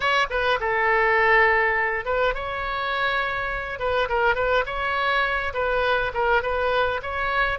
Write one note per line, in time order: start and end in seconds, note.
0.00 0.26 C#5
0.29 0.59 B4
0.60 2.05 A4
2.05 2.34 B4
2.34 3.79 C#5
3.79 4.08 B4
4.09 4.35 A#4
4.35 4.64 B4
4.65 5.53 C#5
5.53 6.11 B4
6.14 6.42 A#4
6.42 7.00 B4
7.02 7.58 C#5